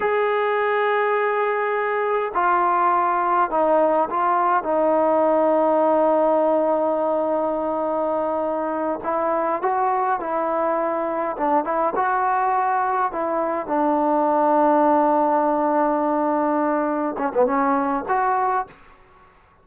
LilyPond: \new Staff \with { instrumentName = "trombone" } { \time 4/4 \tempo 4 = 103 gis'1 | f'2 dis'4 f'4 | dis'1~ | dis'2.~ dis'8 e'8~ |
e'8 fis'4 e'2 d'8 | e'8 fis'2 e'4 d'8~ | d'1~ | d'4. cis'16 b16 cis'4 fis'4 | }